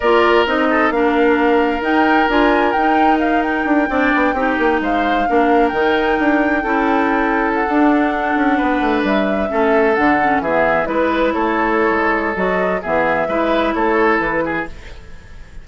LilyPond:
<<
  \new Staff \with { instrumentName = "flute" } { \time 4/4 \tempo 4 = 131 d''4 dis''4 f''2 | g''4 gis''4 g''4 f''8 g''8~ | g''2~ g''8 f''4.~ | f''8 g''2.~ g''8~ |
g''8 fis''2.~ fis''16 e''16~ | e''4.~ e''16 fis''4 e''4 b'16~ | b'8. cis''2~ cis''16 dis''4 | e''2 cis''4 b'4 | }
  \new Staff \with { instrumentName = "oboe" } { \time 4/4 ais'4. a'8 ais'2~ | ais'1~ | ais'8 d''4 g'4 c''4 ais'8~ | ais'2~ ais'8 a'4.~ |
a'2~ a'8. b'4~ b'16~ | b'8. a'2 gis'4 b'16~ | b'8. a'2.~ a'16 | gis'4 b'4 a'4. gis'8 | }
  \new Staff \with { instrumentName = "clarinet" } { \time 4/4 f'4 dis'4 d'2 | dis'4 f'4 dis'2~ | dis'8 d'4 dis'2 d'8~ | d'8 dis'2 e'4.~ |
e'8. d'2.~ d'16~ | d'8. cis'4 d'8 cis'8 b4 e'16~ | e'2. fis'4 | b4 e'2. | }
  \new Staff \with { instrumentName = "bassoon" } { \time 4/4 ais4 c'4 ais2 | dis'4 d'4 dis'2 | d'8 c'8 b8 c'8 ais8 gis4 ais8~ | ais8 dis4 d'4 cis'4.~ |
cis'8. d'4. cis'8 b8 a8 g16~ | g8. a4 d4 e4 gis16~ | gis8. a4~ a16 gis4 fis4 | e4 gis4 a4 e4 | }
>>